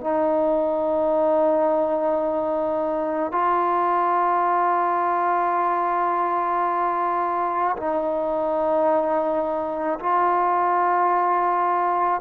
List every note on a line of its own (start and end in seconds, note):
0.00 3.31 D#4
3.31 7.76 F4
7.76 9.98 D#4
9.99 12.21 F4